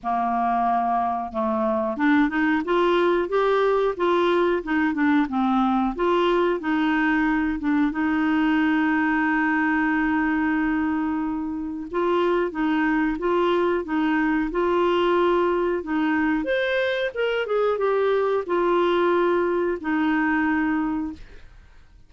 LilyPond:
\new Staff \with { instrumentName = "clarinet" } { \time 4/4 \tempo 4 = 91 ais2 a4 d'8 dis'8 | f'4 g'4 f'4 dis'8 d'8 | c'4 f'4 dis'4. d'8 | dis'1~ |
dis'2 f'4 dis'4 | f'4 dis'4 f'2 | dis'4 c''4 ais'8 gis'8 g'4 | f'2 dis'2 | }